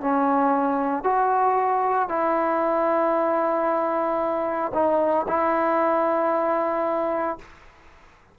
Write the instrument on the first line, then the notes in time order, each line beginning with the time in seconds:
trombone
0.00 C#4
1.03 F#4
2.09 E4
4.74 D#4
5.28 E4